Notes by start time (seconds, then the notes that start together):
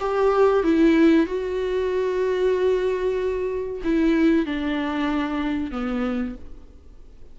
0.00 G4
0.64 E4
1.26 F#4
3.84 E4
4.45 D4
5.71 B3